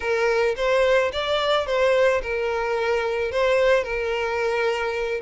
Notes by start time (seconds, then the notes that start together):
0.00 A#4
0.56 C5
1.12 D5
1.66 C5
2.22 A#4
3.31 C5
3.83 A#4